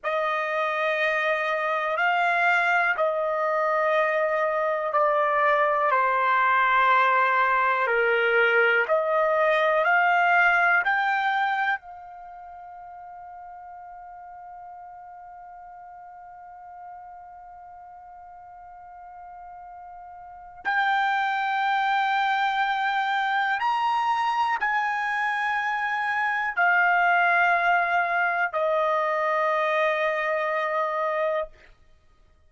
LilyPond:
\new Staff \with { instrumentName = "trumpet" } { \time 4/4 \tempo 4 = 61 dis''2 f''4 dis''4~ | dis''4 d''4 c''2 | ais'4 dis''4 f''4 g''4 | f''1~ |
f''1~ | f''4 g''2. | ais''4 gis''2 f''4~ | f''4 dis''2. | }